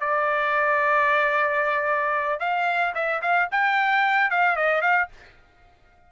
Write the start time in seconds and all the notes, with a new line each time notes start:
0.00 D5
2.40 F5
2.95 E5
3.22 F5
3.51 G5
4.31 F5
4.56 D#5
4.81 F5